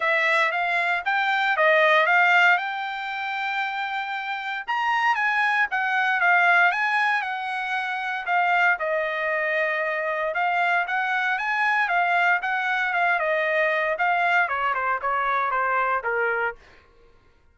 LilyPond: \new Staff \with { instrumentName = "trumpet" } { \time 4/4 \tempo 4 = 116 e''4 f''4 g''4 dis''4 | f''4 g''2.~ | g''4 ais''4 gis''4 fis''4 | f''4 gis''4 fis''2 |
f''4 dis''2. | f''4 fis''4 gis''4 f''4 | fis''4 f''8 dis''4. f''4 | cis''8 c''8 cis''4 c''4 ais'4 | }